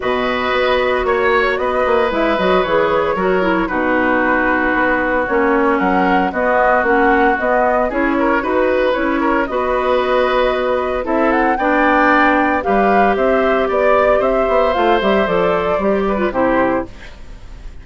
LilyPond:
<<
  \new Staff \with { instrumentName = "flute" } { \time 4/4 \tempo 4 = 114 dis''2 cis''4 dis''4 | e''8 dis''8 cis''2 b'4~ | b'2 cis''4 fis''4 | dis''4 fis''4 dis''4 cis''4 |
b'4 cis''4 dis''2~ | dis''4 e''8 fis''8 g''2 | f''4 e''4 d''4 e''4 | f''8 e''8 d''2 c''4 | }
  \new Staff \with { instrumentName = "oboe" } { \time 4/4 b'2 cis''4 b'4~ | b'2 ais'4 fis'4~ | fis'2. ais'4 | fis'2. gis'8 ais'8 |
b'4. ais'8 b'2~ | b'4 a'4 d''2 | b'4 c''4 d''4 c''4~ | c''2~ c''8 b'8 g'4 | }
  \new Staff \with { instrumentName = "clarinet" } { \time 4/4 fis'1 | e'8 fis'8 gis'4 fis'8 e'8 dis'4~ | dis'2 cis'2 | b4 cis'4 b4 e'4 |
fis'4 e'4 fis'2~ | fis'4 e'4 d'2 | g'1 | f'8 g'8 a'4 g'8. f'16 e'4 | }
  \new Staff \with { instrumentName = "bassoon" } { \time 4/4 b,4 b4 ais4 b8 ais8 | gis8 fis8 e4 fis4 b,4~ | b,4 b4 ais4 fis4 | b4 ais4 b4 cis'4 |
dis'4 cis'4 b2~ | b4 c'4 b2 | g4 c'4 b4 c'8 b8 | a8 g8 f4 g4 c4 | }
>>